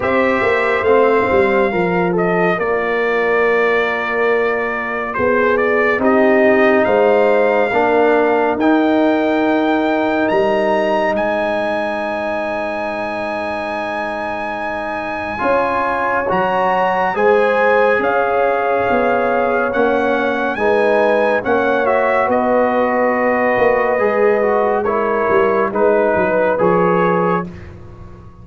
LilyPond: <<
  \new Staff \with { instrumentName = "trumpet" } { \time 4/4 \tempo 4 = 70 e''4 f''4. dis''8 d''4~ | d''2 c''8 d''8 dis''4 | f''2 g''2 | ais''4 gis''2.~ |
gis''2. ais''4 | gis''4 f''2 fis''4 | gis''4 fis''8 e''8 dis''2~ | dis''4 cis''4 b'4 cis''4 | }
  \new Staff \with { instrumentName = "horn" } { \time 4/4 c''2 ais'8 a'8 ais'4~ | ais'2 gis'4 g'4 | c''4 ais'2.~ | ais'4 c''2.~ |
c''2 cis''2 | c''4 cis''2. | b'4 cis''4 b'2~ | b'4 ais'4 b'2 | }
  \new Staff \with { instrumentName = "trombone" } { \time 4/4 g'4 c'4 f'2~ | f'2. dis'4~ | dis'4 d'4 dis'2~ | dis'1~ |
dis'2 f'4 fis'4 | gis'2. cis'4 | dis'4 cis'8 fis'2~ fis'8 | gis'8 fis'8 e'4 dis'4 gis'4 | }
  \new Staff \with { instrumentName = "tuba" } { \time 4/4 c'8 ais8 a8 g8 f4 ais4~ | ais2 b4 c'4 | gis4 ais4 dis'2 | g4 gis2.~ |
gis2 cis'4 fis4 | gis4 cis'4 b4 ais4 | gis4 ais4 b4. ais8 | gis4. g8 gis8 fis8 f4 | }
>>